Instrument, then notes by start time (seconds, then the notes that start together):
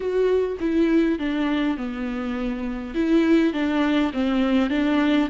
viola
0.00 F#4
0.60 E4
1.18 D4
1.77 B3
2.94 E4
3.53 D4
4.13 C4
4.70 D4